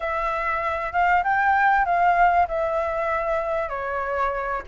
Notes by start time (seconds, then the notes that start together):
0.00 E5
0.92 F5
1.23 G5
1.85 F5
2.48 E5
3.69 C#5